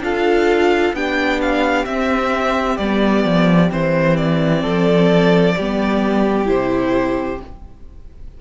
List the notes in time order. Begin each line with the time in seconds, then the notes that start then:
0.00 D4 F4 A4 F5
0.94 B3 D4 G4 G5
1.42 F5
1.85 C4 E5
2.78 G3 B3 D5
3.25 F3
3.70 E3 C4 C5
4.17 D5
4.62 F3 A4
5.57 G3 B3 G4
6.45 C3 E4 C5